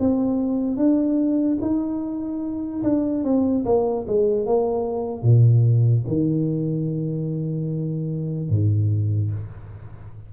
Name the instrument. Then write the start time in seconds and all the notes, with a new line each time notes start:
tuba
0.00 C4
0.77 D4
1.61 D#4
2.84 D4
3.24 C4
3.66 A#3
4.07 G#3
4.46 A#3
5.23 A#2
6.08 D#3
8.50 G#2